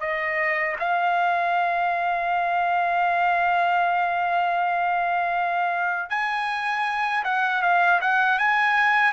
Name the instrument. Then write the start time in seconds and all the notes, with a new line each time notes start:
trumpet
0.00 D#5
0.79 F5
6.09 G#5
7.24 F#5
7.62 F5
8.01 F#5
8.38 G#5